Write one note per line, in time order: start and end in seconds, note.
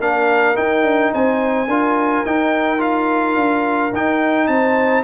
0.00 0.56 A#3
0.00 0.55 D4
0.00 1.13 A#4
0.00 0.57 F5
0.55 1.68 D#4
0.55 0.83 D#4
0.55 1.13 G5
0.83 1.11 D4
1.13 1.67 C4
1.13 1.68 C5
1.13 2.26 G#5
1.67 2.23 D4
1.67 2.26 F4
1.67 4.49 A#4
2.26 2.79 D#4
2.26 3.36 D#4
2.26 2.81 G5
2.79 3.91 F4
2.79 3.94 F5
3.36 3.92 D4
3.93 4.48 D#4
3.93 5.04 D#4
3.93 4.48 G5
4.48 5.04 C4
4.48 5.04 C5
4.48 5.04 A5